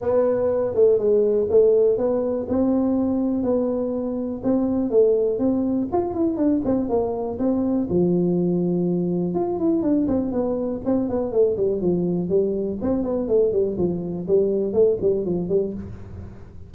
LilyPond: \new Staff \with { instrumentName = "tuba" } { \time 4/4 \tempo 4 = 122 b4. a8 gis4 a4 | b4 c'2 b4~ | b4 c'4 a4 c'4 | f'8 e'8 d'8 c'8 ais4 c'4 |
f2. f'8 e'8 | d'8 c'8 b4 c'8 b8 a8 g8 | f4 g4 c'8 b8 a8 g8 | f4 g4 a8 g8 f8 g8 | }